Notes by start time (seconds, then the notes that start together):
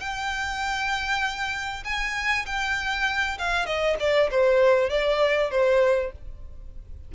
0.00 G5
1.85 G#5
2.46 G5
3.39 F5
3.66 D#5
3.99 D5
4.31 C5
4.90 D5
5.51 C5